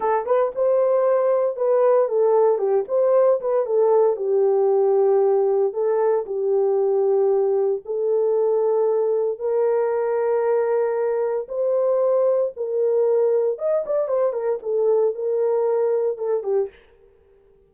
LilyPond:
\new Staff \with { instrumentName = "horn" } { \time 4/4 \tempo 4 = 115 a'8 b'8 c''2 b'4 | a'4 g'8 c''4 b'8 a'4 | g'2. a'4 | g'2. a'4~ |
a'2 ais'2~ | ais'2 c''2 | ais'2 dis''8 d''8 c''8 ais'8 | a'4 ais'2 a'8 g'8 | }